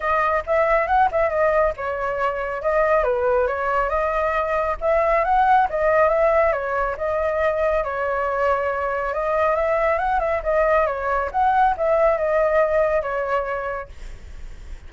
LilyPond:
\new Staff \with { instrumentName = "flute" } { \time 4/4 \tempo 4 = 138 dis''4 e''4 fis''8 e''8 dis''4 | cis''2 dis''4 b'4 | cis''4 dis''2 e''4 | fis''4 dis''4 e''4 cis''4 |
dis''2 cis''2~ | cis''4 dis''4 e''4 fis''8 e''8 | dis''4 cis''4 fis''4 e''4 | dis''2 cis''2 | }